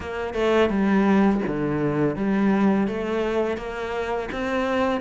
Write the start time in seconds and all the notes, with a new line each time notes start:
0.00 A#3
0.34 A3
0.69 G3
1.47 D3
2.16 G3
2.87 A3
3.57 A#3
4.31 C4